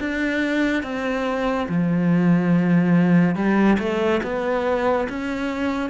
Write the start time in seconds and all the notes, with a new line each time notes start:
0.00 D4
0.83 C4
1.68 F3
3.35 G3
3.79 A3
4.23 B3
5.09 C#4